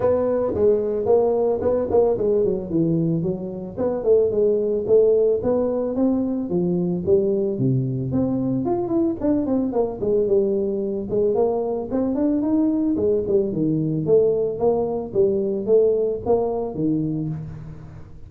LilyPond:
\new Staff \with { instrumentName = "tuba" } { \time 4/4 \tempo 4 = 111 b4 gis4 ais4 b8 ais8 | gis8 fis8 e4 fis4 b8 a8 | gis4 a4 b4 c'4 | f4 g4 c4 c'4 |
f'8 e'8 d'8 c'8 ais8 gis8 g4~ | g8 gis8 ais4 c'8 d'8 dis'4 | gis8 g8 dis4 a4 ais4 | g4 a4 ais4 dis4 | }